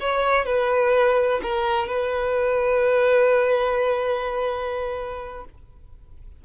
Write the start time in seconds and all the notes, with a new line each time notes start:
0.00 C#5
0.45 B4
1.42 A#4
1.88 B4